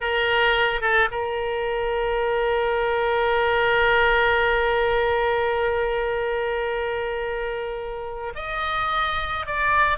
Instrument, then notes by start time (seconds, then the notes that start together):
oboe
0.00 A#4
0.81 A4
1.11 A#4
8.35 D#5
9.46 D5